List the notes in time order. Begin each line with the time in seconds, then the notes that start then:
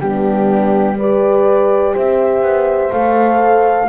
0.00 G3 B3 D4 G4
0.96 G4 B4 D5
1.93 C4 C5 E5
2.42 B3
2.92 A3 A4 F5